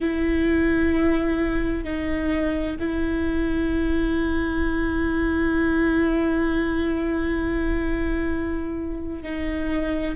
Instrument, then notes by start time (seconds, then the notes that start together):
viola
0.00 E4
1.84 D#4
2.79 E4
9.23 D#4